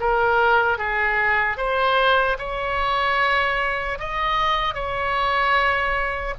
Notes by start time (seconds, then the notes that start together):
0.00 A#4
0.78 G#4
1.57 C5
2.38 C#5
3.99 D#5
4.74 C#5